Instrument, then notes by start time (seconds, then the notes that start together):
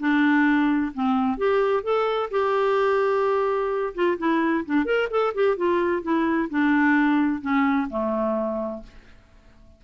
clarinet
0.00 D4
0.94 C4
1.38 G4
1.84 A4
2.31 G4
3.95 F4
4.19 E4
4.66 D4
4.86 A#4
5.11 A4
5.35 G4
5.58 F4
6.03 E4
6.51 D4
7.42 C#4
7.90 A3